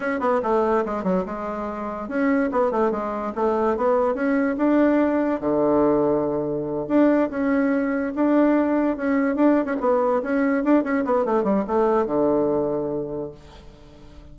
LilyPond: \new Staff \with { instrumentName = "bassoon" } { \time 4/4 \tempo 4 = 144 cis'8 b8 a4 gis8 fis8 gis4~ | gis4 cis'4 b8 a8 gis4 | a4 b4 cis'4 d'4~ | d'4 d2.~ |
d8 d'4 cis'2 d'8~ | d'4. cis'4 d'8. cis'16 b8~ | b8 cis'4 d'8 cis'8 b8 a8 g8 | a4 d2. | }